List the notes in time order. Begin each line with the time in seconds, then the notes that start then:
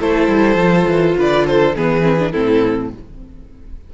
0.00 A3 E4 A4 C5
0.28 G3
0.56 F3 F4
0.87 E3
1.17 D3 B4 D5
1.47 A4 C5
1.76 E3 B3 G#4 B4
2.03 C4
2.19 D4
2.32 A2 C4 E4 A4